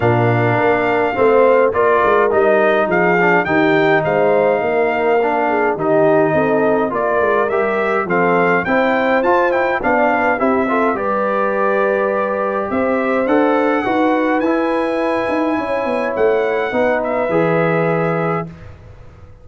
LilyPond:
<<
  \new Staff \with { instrumentName = "trumpet" } { \time 4/4 \tempo 4 = 104 f''2. d''4 | dis''4 f''4 g''4 f''4~ | f''2 dis''2 | d''4 e''4 f''4 g''4 |
a''8 g''8 f''4 e''4 d''4~ | d''2 e''4 fis''4~ | fis''4 gis''2. | fis''4. e''2~ e''8 | }
  \new Staff \with { instrumentName = "horn" } { \time 4/4 ais'2 c''4 ais'4~ | ais'4 gis'4 g'4 c''4 | ais'4. gis'8 g'4 a'4 | ais'2 a'4 c''4~ |
c''4 d''8 b'8 g'8 a'8 b'4~ | b'2 c''2 | b'2. cis''4~ | cis''4 b'2. | }
  \new Staff \with { instrumentName = "trombone" } { \time 4/4 d'2 c'4 f'4 | dis'4. d'8 dis'2~ | dis'4 d'4 dis'2 | f'4 g'4 c'4 e'4 |
f'8 e'8 d'4 e'8 f'8 g'4~ | g'2. a'4 | fis'4 e'2.~ | e'4 dis'4 gis'2 | }
  \new Staff \with { instrumentName = "tuba" } { \time 4/4 ais,4 ais4 a4 ais8 gis8 | g4 f4 dis4 gis4 | ais2 dis4 c'4 | ais8 gis8 g4 f4 c'4 |
f'4 b4 c'4 g4~ | g2 c'4 d'4 | dis'4 e'4. dis'8 cis'8 b8 | a4 b4 e2 | }
>>